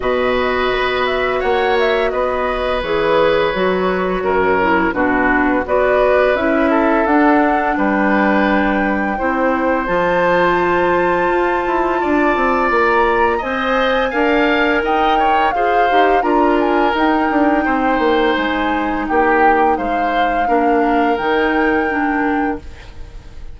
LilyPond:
<<
  \new Staff \with { instrumentName = "flute" } { \time 4/4 \tempo 4 = 85 dis''4. e''8 fis''8 e''8 dis''4 | cis''2. b'4 | d''4 e''4 fis''4 g''4~ | g''2 a''2~ |
a''2 ais''4 gis''4~ | gis''4 g''4 f''4 ais''8 gis''8 | g''2 gis''4 g''4 | f''2 g''2 | }
  \new Staff \with { instrumentName = "oboe" } { \time 4/4 b'2 cis''4 b'4~ | b'2 ais'4 fis'4 | b'4. a'4. b'4~ | b'4 c''2.~ |
c''4 d''2 dis''4 | f''4 dis''8 cis''8 c''4 ais'4~ | ais'4 c''2 g'4 | c''4 ais'2. | }
  \new Staff \with { instrumentName = "clarinet" } { \time 4/4 fis'1 | gis'4 fis'4. e'8 d'4 | fis'4 e'4 d'2~ | d'4 e'4 f'2~ |
f'2. c''4 | ais'2 gis'8 g'8 f'4 | dis'1~ | dis'4 d'4 dis'4 d'4 | }
  \new Staff \with { instrumentName = "bassoon" } { \time 4/4 b,4 b4 ais4 b4 | e4 fis4 fis,4 b,4 | b4 cis'4 d'4 g4~ | g4 c'4 f2 |
f'8 e'8 d'8 c'8 ais4 c'4 | d'4 dis'4 f'8 dis'8 d'4 | dis'8 d'8 c'8 ais8 gis4 ais4 | gis4 ais4 dis2 | }
>>